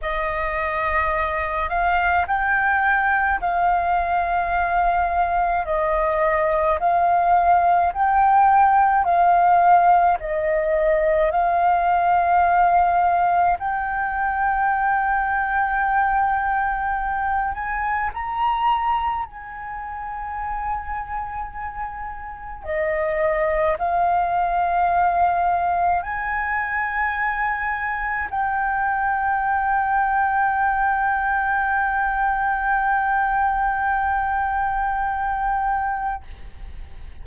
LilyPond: \new Staff \with { instrumentName = "flute" } { \time 4/4 \tempo 4 = 53 dis''4. f''8 g''4 f''4~ | f''4 dis''4 f''4 g''4 | f''4 dis''4 f''2 | g''2.~ g''8 gis''8 |
ais''4 gis''2. | dis''4 f''2 gis''4~ | gis''4 g''2.~ | g''1 | }